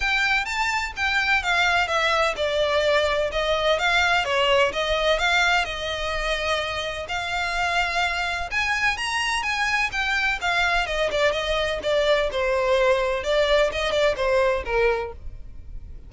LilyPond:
\new Staff \with { instrumentName = "violin" } { \time 4/4 \tempo 4 = 127 g''4 a''4 g''4 f''4 | e''4 d''2 dis''4 | f''4 cis''4 dis''4 f''4 | dis''2. f''4~ |
f''2 gis''4 ais''4 | gis''4 g''4 f''4 dis''8 d''8 | dis''4 d''4 c''2 | d''4 dis''8 d''8 c''4 ais'4 | }